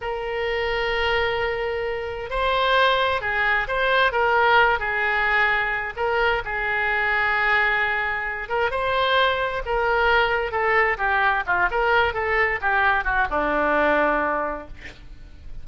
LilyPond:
\new Staff \with { instrumentName = "oboe" } { \time 4/4 \tempo 4 = 131 ais'1~ | ais'4 c''2 gis'4 | c''4 ais'4. gis'4.~ | gis'4 ais'4 gis'2~ |
gis'2~ gis'8 ais'8 c''4~ | c''4 ais'2 a'4 | g'4 f'8 ais'4 a'4 g'8~ | g'8 fis'8 d'2. | }